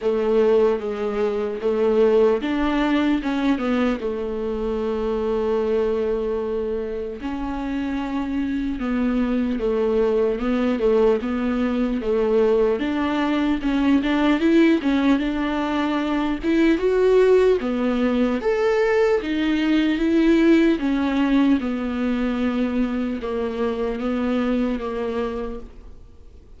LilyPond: \new Staff \with { instrumentName = "viola" } { \time 4/4 \tempo 4 = 75 a4 gis4 a4 d'4 | cis'8 b8 a2.~ | a4 cis'2 b4 | a4 b8 a8 b4 a4 |
d'4 cis'8 d'8 e'8 cis'8 d'4~ | d'8 e'8 fis'4 b4 a'4 | dis'4 e'4 cis'4 b4~ | b4 ais4 b4 ais4 | }